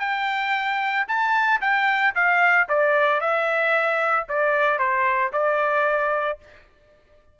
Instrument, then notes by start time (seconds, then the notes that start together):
trumpet
0.00 G5
1.08 A5
1.61 G5
2.15 F5
2.69 D5
3.21 E5
4.29 D5
4.79 C5
5.33 D5